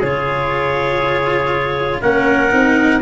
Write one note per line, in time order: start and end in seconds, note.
0.00 2.02 C#3
0.00 2.02 F4
0.00 2.00 G#4
0.00 2.01 C#5
2.01 2.52 A#3
2.01 2.51 C#4
2.01 3.02 A#4
2.01 3.01 F#5
2.51 3.02 C4
2.51 3.01 D#4